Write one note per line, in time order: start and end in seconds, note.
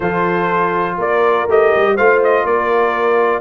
0.00 0.97 F3
0.00 1.48 F4
0.00 0.97 A4
0.00 0.98 C5
0.97 1.47 A#3
0.97 1.94 A#4
0.97 1.49 D5
1.47 1.72 A3
1.47 1.98 G4
1.47 1.96 D#5
1.76 1.98 G3
1.94 2.44 A3
1.94 3.40 F4
1.94 2.43 C5
1.94 2.21 F5
2.23 2.46 D#5
2.44 3.40 A#3
2.44 3.40 A#4
2.44 3.40 D5